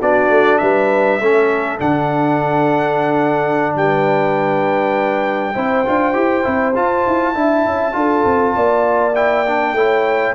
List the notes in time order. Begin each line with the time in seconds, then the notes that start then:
0.00 B3 D4 F#4 D5
0.29 A3
0.58 G3 B4 E5
1.20 A3 C#4 A4
1.79 D3 D4 F#5
3.75 G3 B4 G5
5.53 C4 E4 C5
5.85 D4 F4
6.13 E4 G4
6.43 C4 E4
6.74 F4 A5
7.07 E4
7.34 D4 E4 E5
7.65 C#4
7.92 D4 F4 A4
8.25 C4
8.55 A#3 D5
9.15 E4 G5
9.46 D4
9.72 A3 E4 C#5